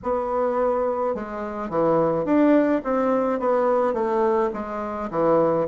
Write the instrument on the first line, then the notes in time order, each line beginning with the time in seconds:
bassoon
0.03 B3
1.14 G#3
1.69 E3
2.25 D4
2.84 C4
3.40 B3
3.93 A3
4.53 G#3
5.10 E3